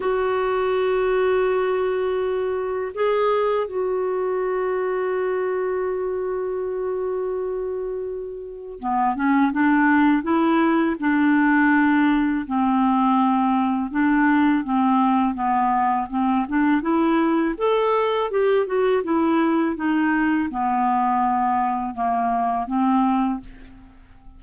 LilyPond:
\new Staff \with { instrumentName = "clarinet" } { \time 4/4 \tempo 4 = 82 fis'1 | gis'4 fis'2.~ | fis'1 | b8 cis'8 d'4 e'4 d'4~ |
d'4 c'2 d'4 | c'4 b4 c'8 d'8 e'4 | a'4 g'8 fis'8 e'4 dis'4 | b2 ais4 c'4 | }